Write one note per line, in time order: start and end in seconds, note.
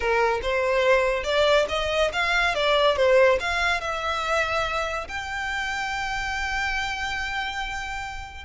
0.00 0.40 A#4
0.42 1.23 C5
1.23 1.66 D5
1.69 2.11 D#5
2.12 2.54 F5
2.54 2.96 D5
2.96 3.38 C5
3.40 3.80 F5
3.80 5.07 E5
5.07 8.44 G5